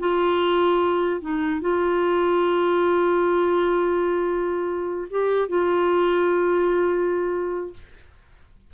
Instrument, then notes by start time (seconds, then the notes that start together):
clarinet
0.00 F4
1.22 D#4
1.62 F4
5.11 G4
5.49 F4